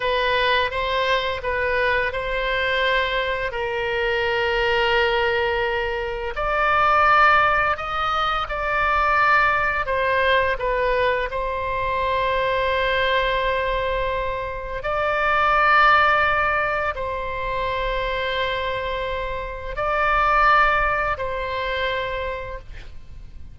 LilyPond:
\new Staff \with { instrumentName = "oboe" } { \time 4/4 \tempo 4 = 85 b'4 c''4 b'4 c''4~ | c''4 ais'2.~ | ais'4 d''2 dis''4 | d''2 c''4 b'4 |
c''1~ | c''4 d''2. | c''1 | d''2 c''2 | }